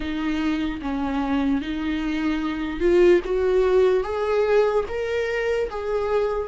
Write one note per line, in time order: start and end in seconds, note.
0.00 0.80 D#4
0.81 1.61 C#4
1.61 2.80 D#4
2.80 3.20 F4
3.24 4.03 F#4
4.03 4.84 G#4
4.88 5.69 A#4
5.70 6.48 G#4